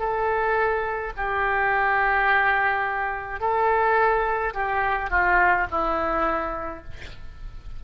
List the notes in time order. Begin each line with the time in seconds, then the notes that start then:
0.00 A4
1.17 G4
3.41 A4
4.54 G4
5.10 F4
5.71 E4